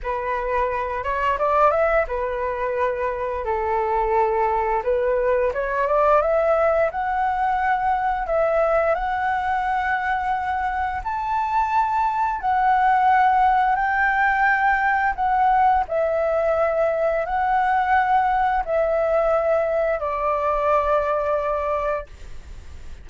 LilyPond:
\new Staff \with { instrumentName = "flute" } { \time 4/4 \tempo 4 = 87 b'4. cis''8 d''8 e''8 b'4~ | b'4 a'2 b'4 | cis''8 d''8 e''4 fis''2 | e''4 fis''2. |
a''2 fis''2 | g''2 fis''4 e''4~ | e''4 fis''2 e''4~ | e''4 d''2. | }